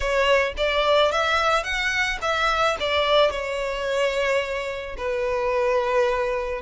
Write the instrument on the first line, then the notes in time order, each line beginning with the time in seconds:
violin
0.00 C#5
0.57 D5
1.11 E5
1.63 F#5
2.21 E5
2.80 D5
3.30 C#5
4.97 B4